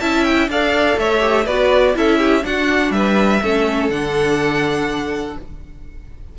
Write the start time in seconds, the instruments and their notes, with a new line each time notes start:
0.00 cello C#4, viola E4, violin E5 A5
0.24 violin G5
0.48 cello D4, viola A4, violin D5 F5
0.97 cello A3, violin C#5 E5
1.20 viola G4
1.44 cello B3, viola F#4, violin B4 D5
1.94 cello C#4, viola E4, violin A4 E5
2.18 violin G4
2.42 viola D4, cello D4, violin F#4 F#5
2.90 cello G3, violin B4 E5
3.42 cello A3, viola C#4, violin A4
3.90 cello D3, viola D4, violin F#5